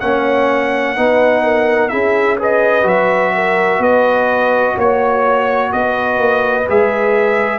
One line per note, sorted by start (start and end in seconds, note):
0.00 0.97 A#3
0.00 0.96 C#4
0.00 0.96 C#5
0.00 1.88 F#5
0.96 1.92 B3
0.96 1.90 D#4
0.96 1.43 B4
1.43 1.90 A#4
1.88 2.85 C#4
1.88 2.38 E4
1.88 2.38 G#4
1.88 2.36 E5
2.38 2.83 G#4
2.38 3.33 B4
2.38 2.87 D#5
2.83 3.79 F#3
2.83 6.64 F#4
2.83 3.82 E5
3.35 3.80 A#4
3.79 4.74 B3
3.79 4.75 B4
3.79 4.78 D#5
4.76 5.72 A#3
4.76 5.71 C#5
4.76 5.72 C#5
5.71 6.18 B3
5.71 7.59 B4
5.71 6.67 D#5
6.18 6.66 A#3
6.68 7.59 G#3
6.68 7.59 G#4
6.68 7.59 E5